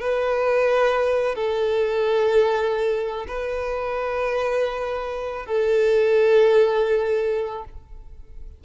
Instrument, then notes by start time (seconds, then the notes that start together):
violin
0.00 B4
1.35 A4
3.27 B4
5.46 A4